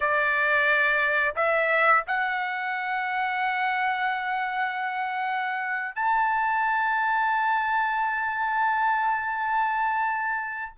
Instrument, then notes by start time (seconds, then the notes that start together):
trumpet
0.00 D5
1.35 E5
2.07 F#5
5.95 A5